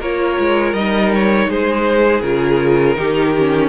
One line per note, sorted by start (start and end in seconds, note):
0.00 0.37 A#3
0.00 0.76 F4
0.00 1.48 A#4
0.00 0.74 C#5
0.39 0.73 G#3
0.73 1.47 G3
0.73 2.23 D#4
0.73 1.11 D#5
1.15 1.50 C#5
1.47 2.21 G#3
1.47 2.97 G#4
1.47 2.21 C5
2.21 2.96 C#3
2.21 2.96 F4
2.21 3.68 A#4
2.96 3.68 D#3
2.96 3.33 D#4
2.96 3.68 G4
3.37 3.68 C#4